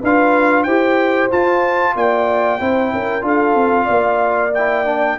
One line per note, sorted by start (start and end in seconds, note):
0.00 0.66 D4
0.00 0.67 F4
0.00 0.64 B4
0.00 0.63 F5
0.63 1.30 E4
0.63 1.30 G4
0.63 1.93 C5
0.63 1.28 G5
1.30 2.59 F4
1.30 1.95 F4
1.30 1.96 A5
1.95 2.60 A#3
1.95 2.60 D5
1.95 3.25 G5
2.59 2.92 C4
2.59 3.21 E4
2.59 2.92 C5
2.92 3.23 C#4
2.92 3.24 A#4
3.21 3.54 D4
3.21 4.50 F4
3.21 3.84 A4
3.21 4.54 F5
3.54 3.87 C4
3.84 5.18 A#3
3.84 5.13 D5
4.54 4.85 E4
4.54 5.18 G5
4.85 5.17 D4